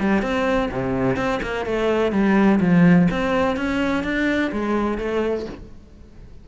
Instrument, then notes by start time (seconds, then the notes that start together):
cello
0.00 G3
0.23 C4
0.72 C3
1.17 C4
1.43 A#3
1.66 A3
2.12 G3
2.61 F3
3.11 C4
3.57 C#4
4.04 D4
4.53 G#3
4.98 A3